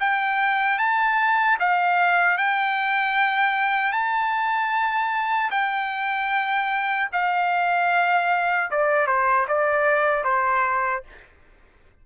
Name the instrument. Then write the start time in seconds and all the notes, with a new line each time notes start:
trumpet
0.00 G5
0.79 A5
1.60 F5
2.38 G5
3.93 A5
5.51 G5
7.13 F5
8.71 D5
9.07 C5
9.48 D5
10.24 C5